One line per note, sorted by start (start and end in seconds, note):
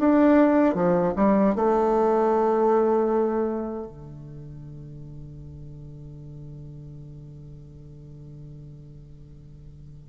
0.00 0.75 D4
0.75 1.14 F3
1.17 1.55 G3
1.55 3.87 A3
3.87 10.10 D3